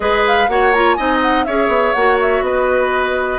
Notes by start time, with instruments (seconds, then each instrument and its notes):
0.00 bassoon G#3, clarinet G#4, oboe B4, flute D#5
0.27 flute F5
0.48 bassoon A#3, clarinet F#4, oboe C#5, flute F#5
0.73 clarinet F4, flute A#5
0.93 bassoon C4, clarinet D#4, oboe D#5, flute G#5
1.21 flute F#5
1.44 bassoon C#4, clarinet G#4, oboe C#5, flute E5
1.68 bassoon B3
1.93 bassoon A#3, clarinet F#4, flute F#5
2.21 flute E5
2.41 bassoon B3, oboe B4, flute D#5